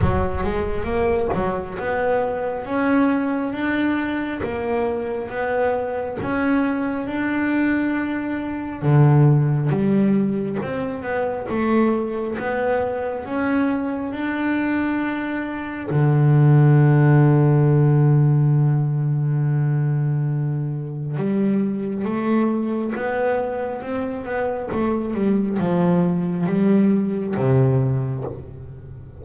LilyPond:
\new Staff \with { instrumentName = "double bass" } { \time 4/4 \tempo 4 = 68 fis8 gis8 ais8 fis8 b4 cis'4 | d'4 ais4 b4 cis'4 | d'2 d4 g4 | c'8 b8 a4 b4 cis'4 |
d'2 d2~ | d1 | g4 a4 b4 c'8 b8 | a8 g8 f4 g4 c4 | }